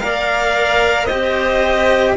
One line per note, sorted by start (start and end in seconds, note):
0.00 1.10 A#3
0.00 1.07 A#4
0.00 1.06 D5
0.00 1.06 F5
1.06 2.17 C4
1.06 2.17 G4
1.06 2.13 C5
1.06 2.13 D#5